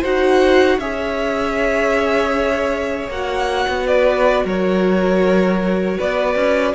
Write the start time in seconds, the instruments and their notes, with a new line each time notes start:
0.00 cello D#4, viola F#4, violin C5 F#5
0.77 cello C#4, viola G#4, violin C#5 E5
3.08 cello A#3, viola F#4, violin F#5
3.68 cello B3
3.86 violin B4 D5
4.44 cello F#3, violin A#4 C#5
5.97 cello B3, violin B4 D5
6.35 cello C#4